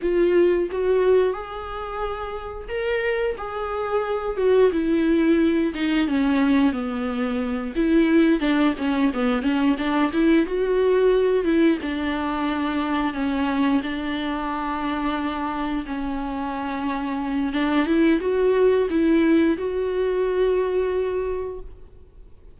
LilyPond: \new Staff \with { instrumentName = "viola" } { \time 4/4 \tempo 4 = 89 f'4 fis'4 gis'2 | ais'4 gis'4. fis'8 e'4~ | e'8 dis'8 cis'4 b4. e'8~ | e'8 d'8 cis'8 b8 cis'8 d'8 e'8 fis'8~ |
fis'4 e'8 d'2 cis'8~ | cis'8 d'2. cis'8~ | cis'2 d'8 e'8 fis'4 | e'4 fis'2. | }